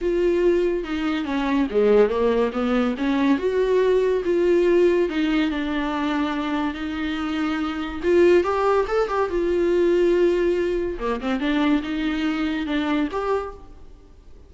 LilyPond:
\new Staff \with { instrumentName = "viola" } { \time 4/4 \tempo 4 = 142 f'2 dis'4 cis'4 | gis4 ais4 b4 cis'4 | fis'2 f'2 | dis'4 d'2. |
dis'2. f'4 | g'4 a'8 g'8 f'2~ | f'2 ais8 c'8 d'4 | dis'2 d'4 g'4 | }